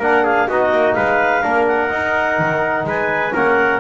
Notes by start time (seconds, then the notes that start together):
0.00 A#3 D4 A#4 F#5
0.24 G#4 F5
0.48 B3 D#4 F#4 D#5
0.72 A#3
0.94 G#3 B4 F5
1.42 A#3 D4 A#4
1.67 F#5
1.89 D#4
2.39 D#3
2.84 G#3 B4 G#5
3.33 A#3 C#4 A#4 F#5